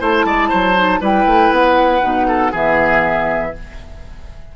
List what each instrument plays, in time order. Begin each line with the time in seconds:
0.00 bassoon A3, clarinet E4, oboe C5, flute A5
0.25 bassoon G#3, oboe D5
0.49 bassoon F#3, oboe C5
0.76 clarinet D#4
1.01 bassoon G3, clarinet E4, oboe B4, flute G5
1.26 bassoon A3
1.51 bassoon B3, flute F#5
2.02 bassoon B2, clarinet D#4
2.29 oboe A4
2.52 bassoon E3, clarinet B3, oboe G#4, flute E5